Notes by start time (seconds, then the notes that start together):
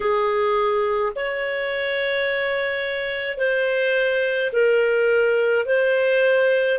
0.00 G#4
1.15 C#5
3.37 C5
4.52 A#4
5.65 C5